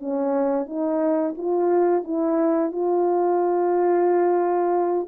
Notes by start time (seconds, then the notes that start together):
0.00 C#4
0.67 D#4
1.37 F4
2.04 E4
2.72 F4